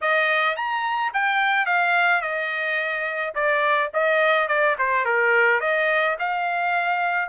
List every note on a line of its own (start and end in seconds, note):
0.01 0.56 D#5
0.56 1.12 A#5
1.13 1.65 G5
1.65 2.21 F5
2.21 3.33 D#5
3.34 3.90 D5
3.93 4.48 D#5
4.48 4.76 D5
4.78 5.05 C5
5.05 5.60 A#4
5.60 6.16 D#5
6.19 7.29 F5